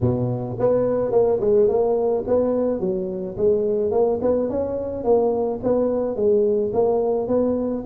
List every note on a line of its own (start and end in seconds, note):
0.01 0.57 B2
0.59 1.11 B3
1.11 1.39 A#3
1.40 1.68 G#3
1.68 2.24 A#3
2.27 2.79 B3
2.79 3.35 F#3
3.37 3.91 G#3
3.91 4.19 A#3
4.21 4.49 B3
4.49 5.03 C#4
5.03 5.59 A#3
5.63 6.15 B3
6.15 6.71 G#3
6.73 7.27 A#3
7.27 7.84 B3